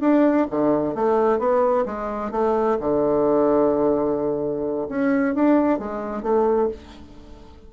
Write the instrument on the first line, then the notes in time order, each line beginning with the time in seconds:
bassoon
0.00 D4
0.50 D3
0.94 A3
1.38 B3
1.85 G#3
2.31 A3
2.79 D3
4.88 C#4
5.35 D4
5.79 G#3
6.22 A3